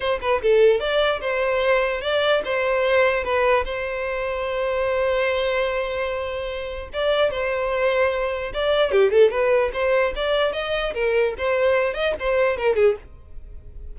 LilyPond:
\new Staff \with { instrumentName = "violin" } { \time 4/4 \tempo 4 = 148 c''8 b'8 a'4 d''4 c''4~ | c''4 d''4 c''2 | b'4 c''2.~ | c''1~ |
c''4 d''4 c''2~ | c''4 d''4 g'8 a'8 b'4 | c''4 d''4 dis''4 ais'4 | c''4. dis''8 c''4 ais'8 gis'8 | }